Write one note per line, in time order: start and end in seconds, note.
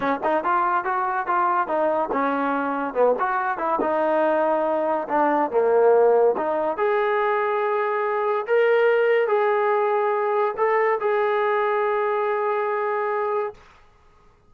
0.00 0.19 C#4
0.23 0.44 D#4
0.44 0.84 F4
0.84 1.26 F#4
1.26 1.67 F4
1.67 2.09 D#4
2.11 2.94 C#4
2.94 3.15 B3
3.19 3.58 F#4
3.58 3.79 E4
3.80 5.07 D#4
5.08 5.50 D4
5.50 6.35 A#3
6.37 6.77 D#4
6.77 8.46 G#4
8.47 9.27 A#4
9.27 10.54 G#4
10.57 10.99 A4
11.00 13.53 G#4